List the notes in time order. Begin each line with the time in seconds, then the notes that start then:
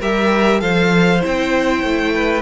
0.00 G3 G4 A#4 E5
0.59 F3 A4 C5 F5
1.20 C4 E4 G5
1.83 A3
2.14 B4